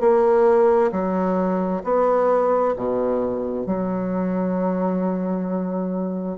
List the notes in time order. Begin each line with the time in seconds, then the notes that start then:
0.00 A#3
0.92 F#3
1.84 B3
2.76 B2
3.66 F#3